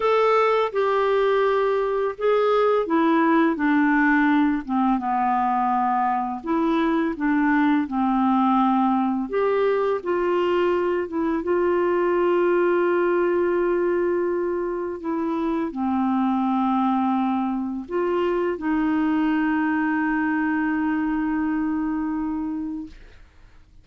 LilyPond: \new Staff \with { instrumentName = "clarinet" } { \time 4/4 \tempo 4 = 84 a'4 g'2 gis'4 | e'4 d'4. c'8 b4~ | b4 e'4 d'4 c'4~ | c'4 g'4 f'4. e'8 |
f'1~ | f'4 e'4 c'2~ | c'4 f'4 dis'2~ | dis'1 | }